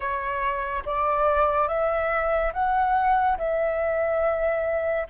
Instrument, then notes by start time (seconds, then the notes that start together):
flute
0.00 C#5
0.85 D5
1.67 E5
2.53 F#5
3.38 E5